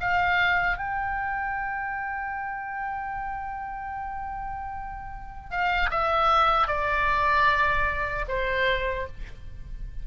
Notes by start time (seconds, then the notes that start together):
0.00 F5
0.77 G5
5.50 F5
5.90 E5
6.67 D5
8.28 C5